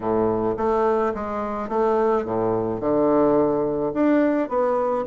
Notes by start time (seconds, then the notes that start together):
0.00 A2
0.57 A3
1.14 G#3
1.68 A3
2.24 A2
2.80 D3
3.94 D4
4.48 B3